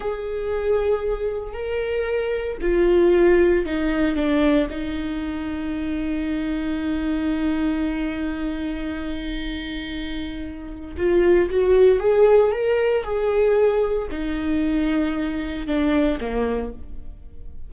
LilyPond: \new Staff \with { instrumentName = "viola" } { \time 4/4 \tempo 4 = 115 gis'2. ais'4~ | ais'4 f'2 dis'4 | d'4 dis'2.~ | dis'1~ |
dis'1~ | dis'4 f'4 fis'4 gis'4 | ais'4 gis'2 dis'4~ | dis'2 d'4 ais4 | }